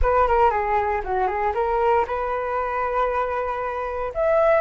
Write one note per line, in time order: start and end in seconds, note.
0.01 0.27 B4
0.27 0.50 A#4
0.50 1.01 G#4
1.03 1.27 F#4
1.27 1.52 G#4
1.54 2.05 A#4
2.07 4.12 B4
4.14 4.61 E5